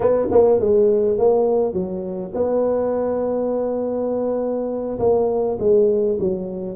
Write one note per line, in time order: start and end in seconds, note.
0.00 0.27 B3
0.31 0.59 A#3
0.59 1.18 G#3
1.18 1.73 A#3
1.73 2.32 F#3
2.34 4.98 B3
4.99 5.57 A#3
5.59 6.18 G#3
6.20 6.76 F#3